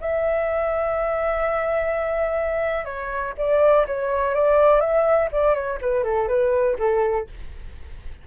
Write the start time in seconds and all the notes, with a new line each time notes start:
0.00 E5
2.85 C#5
3.37 D5
3.86 C#5
4.34 D5
4.80 E5
5.32 D5
5.54 C#5
5.81 B4
6.03 A4
6.28 B4
6.79 A4